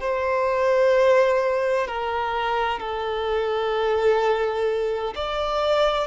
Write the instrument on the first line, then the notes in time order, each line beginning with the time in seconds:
violin
0.00 C5
1.87 A#4
2.79 A4
5.15 D5